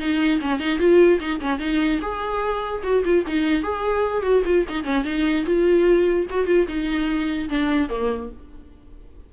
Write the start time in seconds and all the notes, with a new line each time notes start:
0.00 D#4
0.41 C#4
0.60 D#4
0.79 F4
1.20 D#4
1.41 C#4
1.60 D#4
2.02 G#4
2.84 F#4
3.05 F4
3.27 D#4
3.63 G#4
4.23 F#4
4.46 F4
4.69 D#4
4.84 C#4
5.05 D#4
5.46 F4
6.31 F#4
6.47 F4
6.68 D#4
7.49 D4
7.90 A#3